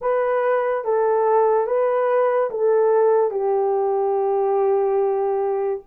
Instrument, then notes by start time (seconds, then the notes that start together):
horn
0.01 B4
0.84 A4
1.66 B4
2.50 A4
3.30 G4